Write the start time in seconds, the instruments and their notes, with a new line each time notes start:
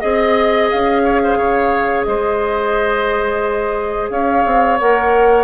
0.00 bassoon C4, clarinet G#4, flute D#5, oboe D#5
0.70 bassoon C#4, flute F5
1.04 oboe C#5
1.24 oboe C5
1.36 bassoon C#3, oboe C#5
2.04 bassoon G#3, oboe C5, flute D#5
4.10 bassoon C#4, oboe C#5, flute F5
4.45 bassoon C4
4.79 bassoon A#3, clarinet A#4, flute F#5